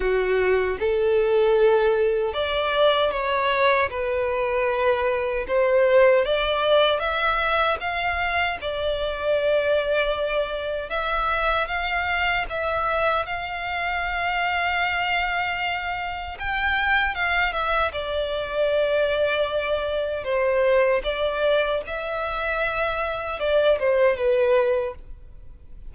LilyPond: \new Staff \with { instrumentName = "violin" } { \time 4/4 \tempo 4 = 77 fis'4 a'2 d''4 | cis''4 b'2 c''4 | d''4 e''4 f''4 d''4~ | d''2 e''4 f''4 |
e''4 f''2.~ | f''4 g''4 f''8 e''8 d''4~ | d''2 c''4 d''4 | e''2 d''8 c''8 b'4 | }